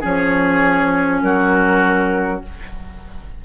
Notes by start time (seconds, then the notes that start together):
0.00 F3 C#4 G#4 C#5
1.21 F#3 F#4 A#4